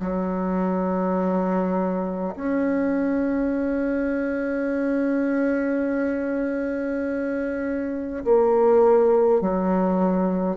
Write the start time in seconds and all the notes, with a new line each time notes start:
0.00 F#3
2.35 C#4
8.25 A#3
9.41 F#3